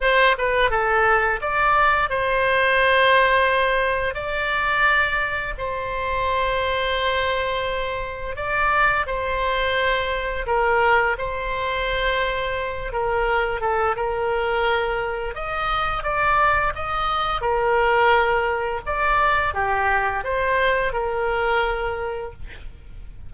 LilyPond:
\new Staff \with { instrumentName = "oboe" } { \time 4/4 \tempo 4 = 86 c''8 b'8 a'4 d''4 c''4~ | c''2 d''2 | c''1 | d''4 c''2 ais'4 |
c''2~ c''8 ais'4 a'8 | ais'2 dis''4 d''4 | dis''4 ais'2 d''4 | g'4 c''4 ais'2 | }